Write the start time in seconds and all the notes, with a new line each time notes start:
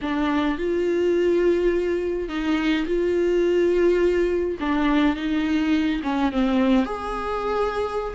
0.01 D4
0.58 F4
2.28 D#4
2.86 F4
4.59 D4
5.16 D#4
6.03 C#4
6.32 C4
6.85 G#4